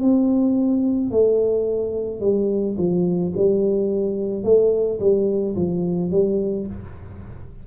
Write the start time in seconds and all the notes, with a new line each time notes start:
0.00 C4
1.10 A3
2.20 G3
2.77 F3
3.36 G3
4.43 A3
4.99 G3
5.55 F3
6.11 G3